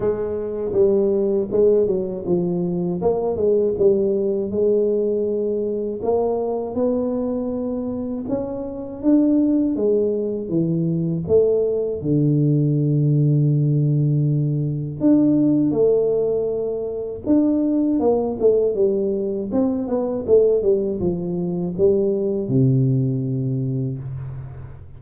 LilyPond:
\new Staff \with { instrumentName = "tuba" } { \time 4/4 \tempo 4 = 80 gis4 g4 gis8 fis8 f4 | ais8 gis8 g4 gis2 | ais4 b2 cis'4 | d'4 gis4 e4 a4 |
d1 | d'4 a2 d'4 | ais8 a8 g4 c'8 b8 a8 g8 | f4 g4 c2 | }